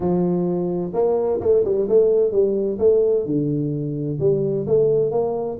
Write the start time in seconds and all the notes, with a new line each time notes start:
0.00 F3
0.93 A#3
1.40 A3
1.64 G3
1.88 A3
2.31 G3
2.79 A3
3.25 D3
4.19 G3
4.66 A3
5.11 A#3